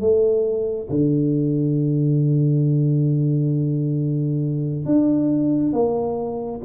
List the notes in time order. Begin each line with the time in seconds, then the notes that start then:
0.00 A3
0.89 D3
4.85 D4
5.72 A#3